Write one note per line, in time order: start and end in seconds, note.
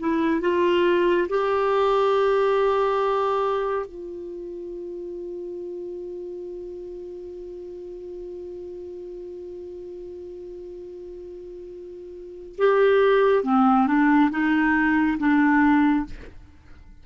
0.00 0.41 E4
0.41 1.28 F4
1.29 3.87 G4
3.87 12.56 F4
12.58 13.44 G4
13.44 13.87 C4
13.87 14.31 D4
14.31 15.18 D#4
15.19 16.06 D4